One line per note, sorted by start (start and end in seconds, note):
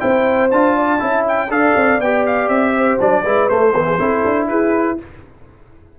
0.00 0.52 C4
0.00 0.50 E4
0.00 0.77 C5
0.00 0.50 G5
0.51 1.01 D4
0.51 0.99 F4
0.51 1.25 A5
0.77 1.00 D5
0.99 1.50 C#4
0.99 1.49 E4
0.99 1.50 E5
1.28 1.52 G5
1.50 1.74 D4
1.50 2.00 A4
1.50 2.75 D5
1.50 2.01 F5
1.76 2.00 C4
2.00 2.49 B3
2.00 3.00 G4
2.00 2.26 G5
2.27 2.49 F5
2.49 2.98 C4
2.49 2.99 E5
2.77 3.23 C5
3.00 3.25 F#3
3.00 3.25 D4
3.00 3.49 D5
3.23 3.50 G#3
3.23 3.50 E4
3.23 3.73 B4
3.49 3.74 A3
3.49 4.48 C5
3.74 3.99 E3
3.74 3.99 B3
3.74 3.86 A4
3.87 4.00 G#4
3.99 4.25 C4
3.99 4.98 E4
3.99 4.50 A4
4.26 4.50 D4
4.49 4.99 E4
4.49 4.99 G#4
4.49 4.98 B4